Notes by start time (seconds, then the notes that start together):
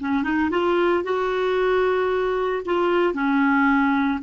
0.00 C#4
0.23 D#4
0.50 F4
1.04 F#4
2.65 F4
3.13 C#4